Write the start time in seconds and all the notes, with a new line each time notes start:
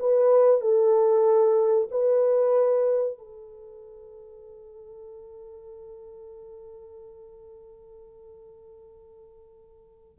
0.00 B4
0.61 A4
1.91 B4
3.18 A4